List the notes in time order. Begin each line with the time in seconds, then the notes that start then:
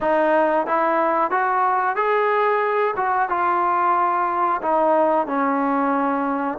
0.01 D#4
0.67 E4
1.30 F#4
1.96 G#4
2.96 F#4
3.29 F4
4.62 D#4
5.26 C#4